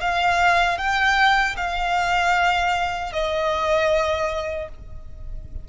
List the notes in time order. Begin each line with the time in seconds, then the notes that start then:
0.00 F5
0.78 G5
1.57 F5
3.13 D#5